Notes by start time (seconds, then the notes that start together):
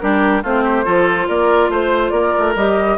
0.00 G3 D4 G4 A#4
0.43 A3 C4 F4 C5
0.63 G4
0.85 F3 F4 A4
1.28 A#3 A#4 D5
1.69 A3 C5
2.10 A#3 A#4 D5
2.39 A3
2.55 G3 G4 D#5